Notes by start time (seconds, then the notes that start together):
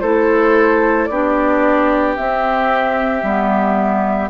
0.00 A3 E4 A4 C5
1.05 B3 D4 G4 D5
2.16 C4 E5
3.23 G3 B3